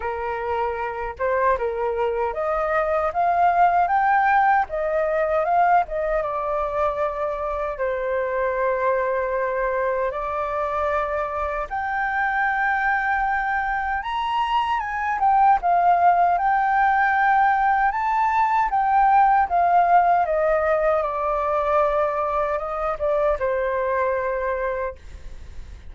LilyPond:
\new Staff \with { instrumentName = "flute" } { \time 4/4 \tempo 4 = 77 ais'4. c''8 ais'4 dis''4 | f''4 g''4 dis''4 f''8 dis''8 | d''2 c''2~ | c''4 d''2 g''4~ |
g''2 ais''4 gis''8 g''8 | f''4 g''2 a''4 | g''4 f''4 dis''4 d''4~ | d''4 dis''8 d''8 c''2 | }